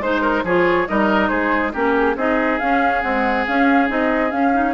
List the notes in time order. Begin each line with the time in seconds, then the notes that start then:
0.00 G#3 D#4 C5
0.22 A#4
0.44 F3 F4 G#4 C#5
0.88 G3 D#4 A#4 D#5
1.29 G#3 G#4 C5
1.73 A#3 C#4 G4 A#4
1.96 G#4
2.16 C4 D#4 G#4 D#5
2.60 C#4 F5
3.02 G#3 C4 F#5
3.47 C#4 F5
3.88 C4 D#4 D#5
4.31 C#4 F5
4.53 D#4